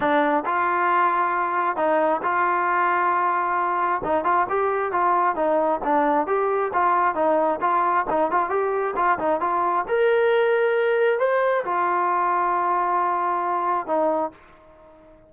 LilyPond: \new Staff \with { instrumentName = "trombone" } { \time 4/4 \tempo 4 = 134 d'4 f'2. | dis'4 f'2.~ | f'4 dis'8 f'8 g'4 f'4 | dis'4 d'4 g'4 f'4 |
dis'4 f'4 dis'8 f'8 g'4 | f'8 dis'8 f'4 ais'2~ | ais'4 c''4 f'2~ | f'2. dis'4 | }